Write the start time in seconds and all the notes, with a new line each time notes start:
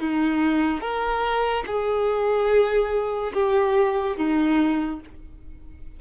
0.00 D#4
0.81 A#4
1.66 G#4
3.34 G4
4.17 D#4